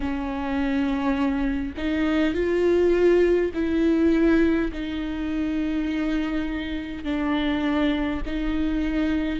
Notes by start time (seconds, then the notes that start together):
0.00 C#4
1.77 D#4
2.34 F4
3.53 E4
4.72 D#4
7.03 D4
8.26 D#4